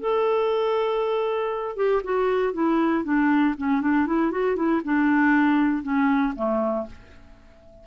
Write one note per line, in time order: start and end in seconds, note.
0.00 1.77 A4
1.77 2.02 G4
2.04 2.53 F#4
2.53 3.04 E4
3.04 3.55 D4
3.58 3.82 C#4
3.82 4.07 D4
4.07 4.31 E4
4.31 4.56 F#4
4.56 4.81 E4
4.85 5.83 D4
5.83 6.34 C#4
6.36 6.87 A3